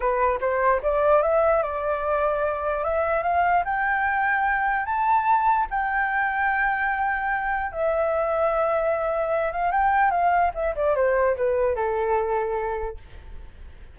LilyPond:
\new Staff \with { instrumentName = "flute" } { \time 4/4 \tempo 4 = 148 b'4 c''4 d''4 e''4 | d''2. e''4 | f''4 g''2. | a''2 g''2~ |
g''2. e''4~ | e''2.~ e''8 f''8 | g''4 f''4 e''8 d''8 c''4 | b'4 a'2. | }